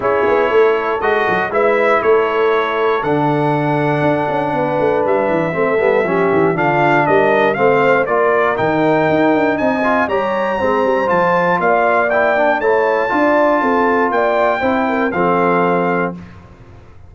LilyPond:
<<
  \new Staff \with { instrumentName = "trumpet" } { \time 4/4 \tempo 4 = 119 cis''2 dis''4 e''4 | cis''2 fis''2~ | fis''2 e''2~ | e''4 f''4 dis''4 f''4 |
d''4 g''2 gis''4 | ais''2 a''4 f''4 | g''4 a''2. | g''2 f''2 | }
  \new Staff \with { instrumentName = "horn" } { \time 4/4 gis'4 a'2 b'4 | a'1~ | a'4 b'2 a'4 | g'4 f'4 ais'4 c''4 |
ais'2. dis''4 | cis''4 c''2 d''4~ | d''4 cis''4 d''4 a'4 | d''4 c''8 ais'8 a'2 | }
  \new Staff \with { instrumentName = "trombone" } { \time 4/4 e'2 fis'4 e'4~ | e'2 d'2~ | d'2. c'8 b8 | cis'4 d'2 c'4 |
f'4 dis'2~ dis'8 f'8 | g'4 c'4 f'2 | e'8 d'8 e'4 f'2~ | f'4 e'4 c'2 | }
  \new Staff \with { instrumentName = "tuba" } { \time 4/4 cis'8 b8 a4 gis8 fis8 gis4 | a2 d2 | d'8 cis'8 b8 a8 g8 e8 a8 g8 | f8 e8 d4 g4 a4 |
ais4 dis4 dis'8 d'8 c'4 | g4 gis8 g8 f4 ais4~ | ais4 a4 d'4 c'4 | ais4 c'4 f2 | }
>>